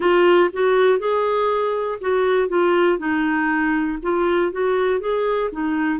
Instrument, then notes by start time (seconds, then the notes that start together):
clarinet
0.00 F4
0.52 F#4
0.99 G#4
2.00 F#4
2.48 F4
2.98 D#4
4.02 F4
4.52 F#4
5.00 G#4
5.51 D#4